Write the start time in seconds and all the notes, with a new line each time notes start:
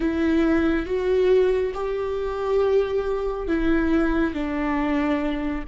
0.00 E4
0.85 F#4
1.74 G4
3.47 E4
4.34 D4